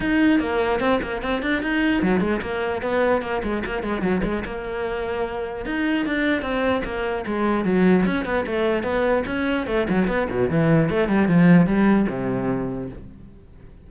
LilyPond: \new Staff \with { instrumentName = "cello" } { \time 4/4 \tempo 4 = 149 dis'4 ais4 c'8 ais8 c'8 d'8 | dis'4 fis8 gis8 ais4 b4 | ais8 gis8 ais8 gis8 fis8 gis8 ais4~ | ais2 dis'4 d'4 |
c'4 ais4 gis4 fis4 | cis'8 b8 a4 b4 cis'4 | a8 fis8 b8 b,8 e4 a8 g8 | f4 g4 c2 | }